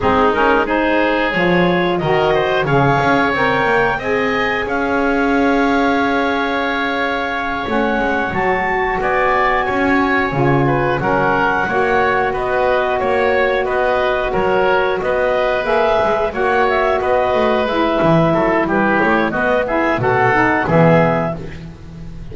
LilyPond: <<
  \new Staff \with { instrumentName = "clarinet" } { \time 4/4 \tempo 4 = 90 gis'8 ais'8 c''4 cis''4 dis''4 | f''4 g''4 gis''4 f''4~ | f''2.~ f''8 fis''8~ | fis''8 a''4 gis''2~ gis''8~ |
gis''8 fis''2 dis''4 cis''8~ | cis''8 dis''4 cis''4 dis''4 e''8~ | e''8 fis''8 e''8 dis''4 e''4. | b'8 cis''8 dis''8 e''8 fis''4 e''4 | }
  \new Staff \with { instrumentName = "oboe" } { \time 4/4 dis'4 gis'2 ais'8 c''8 | cis''2 dis''4 cis''4~ | cis''1~ | cis''4. d''4 cis''4. |
b'8 ais'4 cis''4 b'4 cis''8~ | cis''8 b'4 ais'4 b'4.~ | b'8 cis''4 b'2 a'8 | g'4 fis'8 gis'8 a'4 gis'4 | }
  \new Staff \with { instrumentName = "saxophone" } { \time 4/4 c'8 cis'8 dis'4 f'4 fis'4 | gis'4 ais'4 gis'2~ | gis'2.~ gis'8 cis'8~ | cis'8 fis'2. f'8~ |
f'8 cis'4 fis'2~ fis'8~ | fis'2.~ fis'8 gis'8~ | gis'8 fis'2 e'4.~ | e'4 b8 e'8 fis'8 dis'8 b4 | }
  \new Staff \with { instrumentName = "double bass" } { \time 4/4 gis2 f4 dis4 | cis8 cis'8 c'8 ais8 c'4 cis'4~ | cis'2.~ cis'8 a8 | gis8 fis4 b4 cis'4 cis8~ |
cis8 fis4 ais4 b4 ais8~ | ais8 b4 fis4 b4 ais8 | gis8 ais4 b8 a8 gis8 e8 fis8 | g8 a8 b4 b,4 e4 | }
>>